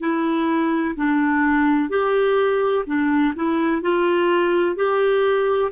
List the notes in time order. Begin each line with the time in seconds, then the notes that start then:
0.00 E4
0.96 D4
1.90 G4
2.86 D4
3.35 E4
3.82 F4
4.76 G4